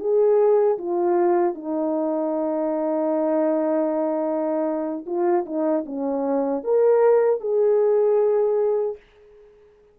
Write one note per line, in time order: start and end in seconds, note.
0.00 0.78 G#4
0.78 1.54 F4
1.54 5.05 D#4
5.06 5.45 F4
5.45 5.84 D#4
5.85 6.63 C#4
6.63 7.41 A#4
7.41 8.96 G#4